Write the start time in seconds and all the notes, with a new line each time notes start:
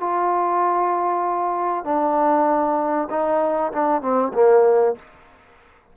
0.00 F4
1.84 D4
3.10 D#4
3.72 D4
4.01 C4
4.34 A#3